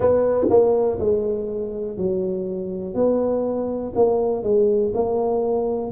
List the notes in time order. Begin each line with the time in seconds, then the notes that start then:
0.00 B3
0.49 A#3
0.99 G#3
1.97 F#3
2.94 B3
3.95 A#3
4.43 G#3
4.94 A#3